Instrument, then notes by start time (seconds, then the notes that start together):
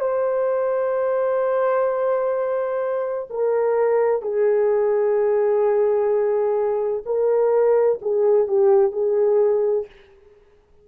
horn
0.00 C5
3.30 A#4
4.22 G#4
7.06 A#4
8.02 G#4
8.48 G4
8.92 G#4